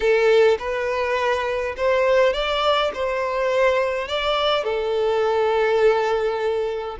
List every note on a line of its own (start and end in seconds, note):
0.00 0.57 A4
0.58 1.75 B4
1.76 2.33 C5
2.33 2.91 D5
2.93 4.08 C5
4.08 4.64 D5
4.64 6.97 A4